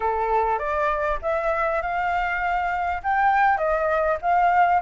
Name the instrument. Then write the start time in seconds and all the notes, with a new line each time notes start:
flute
0.00 A4
0.58 D5
1.22 E5
1.81 F5
3.03 G5
3.57 D#5
4.21 F5